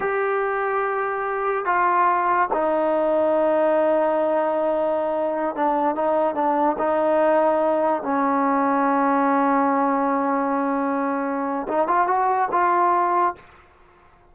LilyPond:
\new Staff \with { instrumentName = "trombone" } { \time 4/4 \tempo 4 = 144 g'1 | f'2 dis'2~ | dis'1~ | dis'4~ dis'16 d'4 dis'4 d'8.~ |
d'16 dis'2. cis'8.~ | cis'1~ | cis'1 | dis'8 f'8 fis'4 f'2 | }